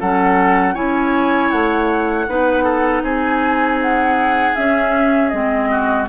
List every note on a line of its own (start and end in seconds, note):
0.00 0.76 F#3
0.00 0.75 C#4
0.00 0.75 A4
0.00 0.75 F#5
0.75 1.52 C#4
0.75 2.27 E4
0.75 2.26 C#5
0.75 1.51 G#5
1.51 2.28 A3
1.51 3.03 F#5
2.28 3.03 B3
2.28 4.56 D#4
2.28 2.64 B4
2.64 3.02 A4
3.03 4.54 C4
3.03 5.70 G#4
3.03 3.79 G#5
3.82 4.56 F#5
4.56 5.32 C#4
4.56 5.33 C#4
4.56 5.29 E5
5.29 6.09 G#3
5.29 6.08 C4
5.29 6.05 D#5
5.71 6.09 F#4